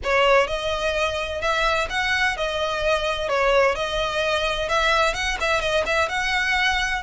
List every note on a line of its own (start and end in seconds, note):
0.03 0.47 C#5
0.47 1.41 D#5
1.41 1.88 E5
1.89 2.36 F#5
2.36 3.28 D#5
3.28 3.75 C#5
3.75 4.69 D#5
4.69 5.13 E5
5.13 5.37 F#5
5.40 5.60 E5
5.60 5.84 D#5
5.86 6.09 E5
6.09 7.02 F#5